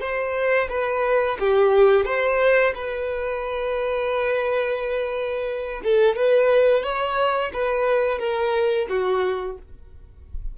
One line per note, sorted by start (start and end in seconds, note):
0.00 0.68 C5
0.69 1.37 B4
1.39 2.05 G4
2.05 2.73 C5
2.75 5.81 B4
5.83 6.15 A4
6.15 6.83 B4
6.83 7.51 C#5
7.53 8.18 B4
8.18 8.86 A#4
8.89 9.57 F#4